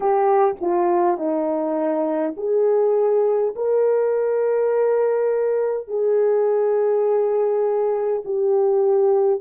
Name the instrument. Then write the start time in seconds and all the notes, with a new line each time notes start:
horn
0.00 G4
0.60 F4
1.17 D#4
2.36 G#4
3.56 A#4
5.87 G#4
8.24 G4